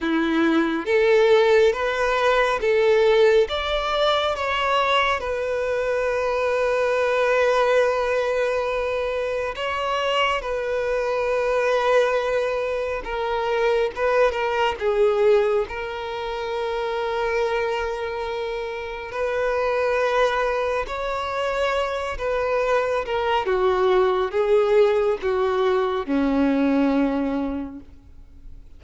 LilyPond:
\new Staff \with { instrumentName = "violin" } { \time 4/4 \tempo 4 = 69 e'4 a'4 b'4 a'4 | d''4 cis''4 b'2~ | b'2. cis''4 | b'2. ais'4 |
b'8 ais'8 gis'4 ais'2~ | ais'2 b'2 | cis''4. b'4 ais'8 fis'4 | gis'4 fis'4 cis'2 | }